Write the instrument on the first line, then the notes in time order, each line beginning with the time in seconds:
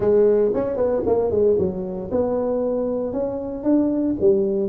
tuba
0.00 G#3
0.54 C#4
0.76 B3
1.06 A#3
1.30 G#3
1.58 F#3
2.11 B3
3.12 C#4
3.63 D4
4.20 G3